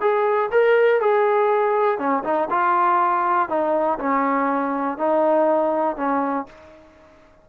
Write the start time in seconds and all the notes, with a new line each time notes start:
0.00 G#4
0.51 A#4
1.00 G#4
1.98 C#4
2.23 D#4
2.50 F4
3.49 D#4
3.98 C#4
4.97 D#4
5.96 C#4